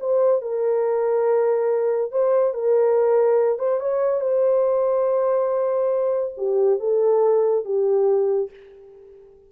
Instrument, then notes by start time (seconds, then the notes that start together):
horn
0.00 C5
0.42 A#4
2.12 C5
2.54 A#4
3.59 C5
3.80 C#5
4.21 C5
6.37 G4
6.80 A4
7.65 G4